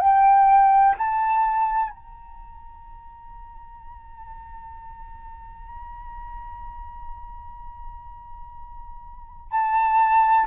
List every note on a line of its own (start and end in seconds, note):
0.00 0.95 G5
0.98 1.90 A5
1.90 9.51 A#5
9.51 10.46 A5